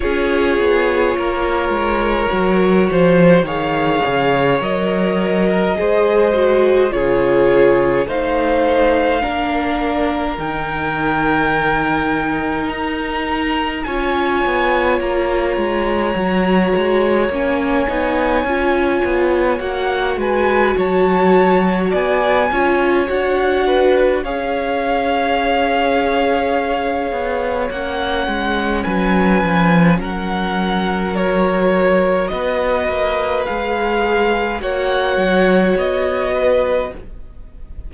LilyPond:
<<
  \new Staff \with { instrumentName = "violin" } { \time 4/4 \tempo 4 = 52 cis''2. f''4 | dis''2 cis''4 f''4~ | f''4 g''2 ais''4 | gis''4 ais''2 gis''4~ |
gis''4 fis''8 gis''8 a''4 gis''4 | fis''4 f''2. | fis''4 gis''4 fis''4 cis''4 | dis''4 f''4 fis''4 dis''4 | }
  \new Staff \with { instrumentName = "violin" } { \time 4/4 gis'4 ais'4. c''8 cis''4~ | cis''8. ais'16 c''4 gis'4 c''4 | ais'1 | cis''1~ |
cis''4. b'8 cis''4 d''8 cis''8~ | cis''8 b'8 cis''2.~ | cis''4 b'4 ais'2 | b'2 cis''4. b'8 | }
  \new Staff \with { instrumentName = "viola" } { \time 4/4 f'2 fis'4 gis'4 | ais'4 gis'8 fis'8 f'4 dis'4 | d'4 dis'2. | f'2 fis'4 cis'8 dis'8 |
f'4 fis'2~ fis'8 f'8 | fis'4 gis'2. | cis'2. fis'4~ | fis'4 gis'4 fis'2 | }
  \new Staff \with { instrumentName = "cello" } { \time 4/4 cis'8 b8 ais8 gis8 fis8 f8 dis8 cis8 | fis4 gis4 cis4 a4 | ais4 dis2 dis'4 | cis'8 b8 ais8 gis8 fis8 gis8 ais8 b8 |
cis'8 b8 ais8 gis8 fis4 b8 cis'8 | d'4 cis'2~ cis'8 b8 | ais8 gis8 fis8 f8 fis2 | b8 ais8 gis4 ais8 fis8 b4 | }
>>